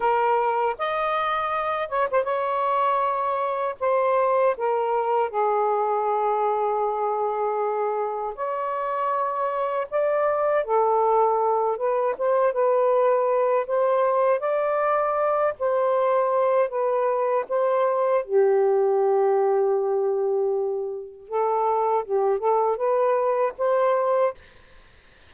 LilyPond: \new Staff \with { instrumentName = "saxophone" } { \time 4/4 \tempo 4 = 79 ais'4 dis''4. cis''16 c''16 cis''4~ | cis''4 c''4 ais'4 gis'4~ | gis'2. cis''4~ | cis''4 d''4 a'4. b'8 |
c''8 b'4. c''4 d''4~ | d''8 c''4. b'4 c''4 | g'1 | a'4 g'8 a'8 b'4 c''4 | }